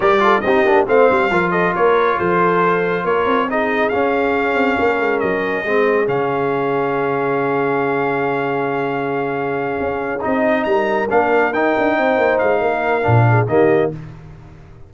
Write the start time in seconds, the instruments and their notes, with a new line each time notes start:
0.00 tuba G3, trombone G4, horn A#4, trumpet D5
0.19 trombone F4, horn A4
0.40 tuba C4, horn G4, trumpet D#5
0.48 trombone D#4
0.64 tuba A#3, trombone D4
0.87 tuba A3, trombone C4, horn C5, trumpet F5
1.10 tuba G3
1.30 tuba F3, trombone F4, horn A#4
1.51 horn A4, trumpet D#5
1.73 tuba A#3, horn A#4, trumpet C#5
2.18 tuba F3, horn A4, trumpet C5
3.04 tuba A#3, horn A#4, trumpet C#5
3.25 tuba C4
3.49 trombone D#4, horn G#4, trumpet D#5
3.89 trombone C#4, tuba C#4, trumpet F5
4.54 tuba C4
4.79 tuba A#3, horn A#4
5.00 tuba G#3
5.19 tuba F#3, trumpet D#5
5.63 tuba G#3, trombone C4, horn G#4
6.06 tuba C#3, trombone C#4, trumpet F5
9.80 tuba C#4
10.21 tuba C4, trombone D#4, trumpet D#5
10.63 tuba G3, horn A#4, trumpet A#5
11.09 tuba A#3, trombone D4, trumpet F5
11.52 tuba D#4, trombone D#4, trumpet G5
11.77 tuba D4
11.97 tuba C4, horn C5
12.17 tuba A#3
12.38 tuba G#3, trumpet F5
12.60 tuba A#3, horn A#4
13.02 tuba A#2, trombone D4
13.29 horn G#4
13.47 tuba D#3, trombone A#3, horn G4, trumpet D#5